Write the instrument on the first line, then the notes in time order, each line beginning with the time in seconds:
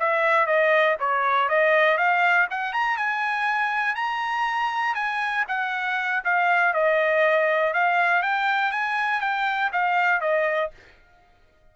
trumpet
0.00 E5
0.47 D#5
1.00 C#5
1.49 D#5
1.98 F5
2.51 F#5
2.73 A#5
2.98 G#5
3.96 A#5
4.95 G#5
5.48 F#5
6.25 F5
6.74 D#5
7.74 F5
8.23 G5
8.72 G#5
9.21 G5
9.73 F5
10.21 D#5